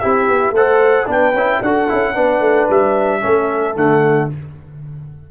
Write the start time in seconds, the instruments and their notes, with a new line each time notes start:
0.00 tuba C4, trombone E4, horn G4, trumpet E5
0.28 tuba B3
0.51 tuba A3, trombone A4, horn C5, trumpet F#5
1.07 tuba B3, trombone D4, horn B4, trumpet G5
1.34 tuba C#4, trombone E4
1.62 tuba D4, trombone F#4, horn A4, trumpet F#5
1.89 tuba C#4, trombone E4
2.15 tuba B3, trombone D4, horn B4
2.41 tuba A3
2.70 tuba G3, trumpet E5
3.21 tuba A3, trombone C#4, horn A4
3.76 tuba D3, trombone A3, trumpet F#5